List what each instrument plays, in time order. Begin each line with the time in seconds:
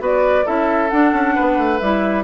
0.00 bassoon B3, clarinet F#4, oboe B4, flute D5
0.45 bassoon C#4, clarinet E4, oboe A4, flute E5
0.90 bassoon D4, clarinet D4, flute F#5
1.13 bassoon C#4
1.35 bassoon B3, oboe B4
1.58 bassoon A3
1.79 bassoon G3, clarinet E4, flute E5